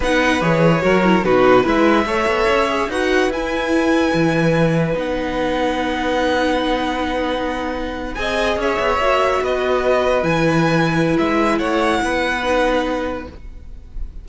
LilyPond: <<
  \new Staff \with { instrumentName = "violin" } { \time 4/4 \tempo 4 = 145 fis''4 cis''2 b'4 | e''2. fis''4 | gis''1 | fis''1~ |
fis''2.~ fis''8. gis''16~ | gis''8. e''2 dis''4~ dis''16~ | dis''8. gis''2~ gis''16 e''4 | fis''1 | }
  \new Staff \with { instrumentName = "violin" } { \time 4/4 b'2 ais'4 fis'4 | b'4 cis''2 b'4~ | b'1~ | b'1~ |
b'2.~ b'8. dis''16~ | dis''8. cis''2 b'4~ b'16~ | b'1 | cis''4 b'2. | }
  \new Staff \with { instrumentName = "viola" } { \time 4/4 dis'4 gis'4 fis'8 e'8 dis'4 | e'4 a'4. gis'8 fis'4 | e'1 | dis'1~ |
dis'2.~ dis'8. gis'16~ | gis'4.~ gis'16 fis'2~ fis'16~ | fis'8. e'2.~ e'16~ | e'2 dis'2 | }
  \new Staff \with { instrumentName = "cello" } { \time 4/4 b4 e4 fis4 b,4 | gis4 a8 b8 cis'4 dis'4 | e'2 e2 | b1~ |
b2.~ b8. c'16~ | c'8. cis'8 b8 ais4 b4~ b16~ | b8. e2~ e16 gis4 | a4 b2. | }
>>